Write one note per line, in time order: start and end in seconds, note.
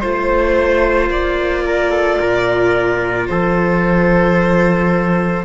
0.00 1.09 A3
0.00 5.45 F4
0.00 1.09 C5
0.00 1.64 C5
1.09 2.18 A#3
1.09 3.27 D5
1.65 1.91 A#4
1.91 2.18 A4
2.19 3.29 A#2
2.19 3.28 A#4
3.27 5.45 F3
3.27 5.45 A4
3.27 5.45 C5